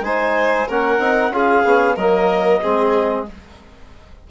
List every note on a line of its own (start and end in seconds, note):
0.00 0.65 G#3
0.00 0.68 D#4
0.00 0.67 C5
0.00 0.68 G#5
0.67 0.98 A#3
0.67 0.99 C#4
0.67 1.32 A#4
0.67 1.35 F#5
0.98 1.30 C4
0.98 1.32 D#4
1.30 1.62 C#4
1.30 1.64 F4
1.30 1.95 G#4
1.36 1.96 F5
1.64 1.96 B3
1.64 1.97 C#4
1.95 2.61 F#3
1.95 2.62 A#3
1.95 2.60 A#4
1.95 3.25 D#5
2.62 3.30 G#3
2.62 3.26 C4
2.62 3.27 G#4